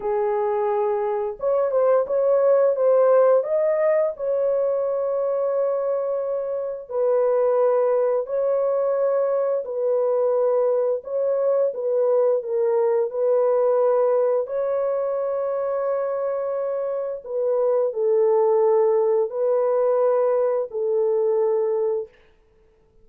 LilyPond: \new Staff \with { instrumentName = "horn" } { \time 4/4 \tempo 4 = 87 gis'2 cis''8 c''8 cis''4 | c''4 dis''4 cis''2~ | cis''2 b'2 | cis''2 b'2 |
cis''4 b'4 ais'4 b'4~ | b'4 cis''2.~ | cis''4 b'4 a'2 | b'2 a'2 | }